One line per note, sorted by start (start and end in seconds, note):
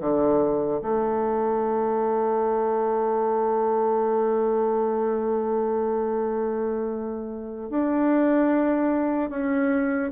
0.00 0.81 D3
0.82 7.70 A3
7.70 9.30 D4
9.30 10.11 C#4